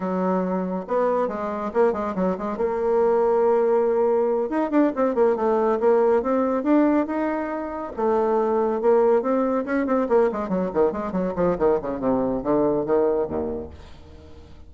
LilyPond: \new Staff \with { instrumentName = "bassoon" } { \time 4/4 \tempo 4 = 140 fis2 b4 gis4 | ais8 gis8 fis8 gis8 ais2~ | ais2~ ais8 dis'8 d'8 c'8 | ais8 a4 ais4 c'4 d'8~ |
d'8 dis'2 a4.~ | a8 ais4 c'4 cis'8 c'8 ais8 | gis8 fis8 dis8 gis8 fis8 f8 dis8 cis8 | c4 d4 dis4 dis,4 | }